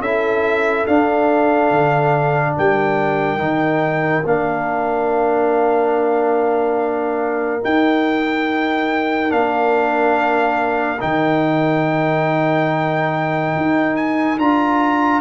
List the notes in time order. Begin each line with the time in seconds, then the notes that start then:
0.00 C#4 E4 A4 E5
0.86 D4 F5
1.71 D3
2.58 G3 A#4 G5
3.38 D#3 D#4
4.25 A#3 D4 F5
7.60 D#4 G5
9.29 A#3 D4 F5
10.99 D#3 D#4 G5
13.57 D#4
13.96 G#5
14.38 D4 F4 A#5